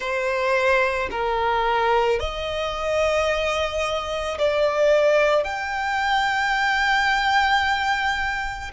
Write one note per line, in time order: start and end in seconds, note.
0.00 1.09 C5
1.10 2.19 A#4
2.19 4.37 D#5
4.38 5.43 D5
5.43 8.71 G5